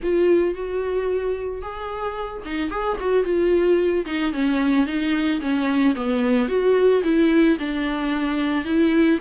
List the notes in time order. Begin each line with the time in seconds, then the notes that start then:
0.02 F4
0.55 F#4
1.61 G#4
2.45 D#4
2.70 G#4
3.00 F#4
3.24 F4
4.05 D#4
4.32 C#4
4.86 D#4
5.41 C#4
5.95 B3
6.48 F#4
7.03 E4
7.59 D4
8.64 E4